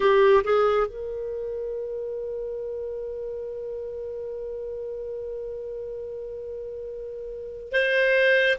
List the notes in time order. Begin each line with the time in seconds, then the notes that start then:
0.00 G4
0.44 G#4
0.86 A#4
7.72 C5